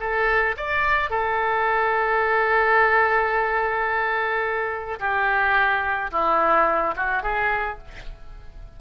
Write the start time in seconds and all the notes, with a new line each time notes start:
0.00 A4
0.57 D5
1.10 A4
4.99 G4
6.11 E4
6.96 F#4
7.22 G#4